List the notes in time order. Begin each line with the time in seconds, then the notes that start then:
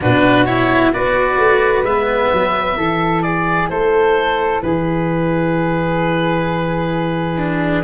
0.00 B2 D4 F#4 B4
0.45 E4 C#5
0.92 B3 F#4 B4 D5
1.38 A3
1.82 G#3 B3 E5
2.32 F#3
2.76 E3 E4 A4
3.22 G#4 D5
3.69 A3 A4 C5
4.62 E3 G#4 B4
7.37 D4